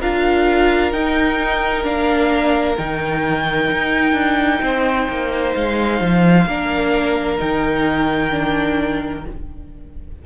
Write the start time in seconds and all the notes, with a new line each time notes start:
0.00 D4 F4 A#4 F5
0.92 D#4 G5
1.84 A#3 D4 F5
2.77 D#3 D#4 G5
3.72 D#4
4.13 D4
4.62 C4 C5
5.09 A#3
5.54 G#3 F5
6.00 F3
6.47 A#3 D4 A#4
7.38 D#3 D#4 G5
8.30 D4